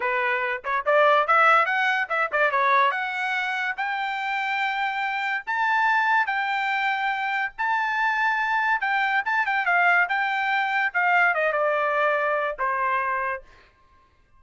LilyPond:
\new Staff \with { instrumentName = "trumpet" } { \time 4/4 \tempo 4 = 143 b'4. cis''8 d''4 e''4 | fis''4 e''8 d''8 cis''4 fis''4~ | fis''4 g''2.~ | g''4 a''2 g''4~ |
g''2 a''2~ | a''4 g''4 a''8 g''8 f''4 | g''2 f''4 dis''8 d''8~ | d''2 c''2 | }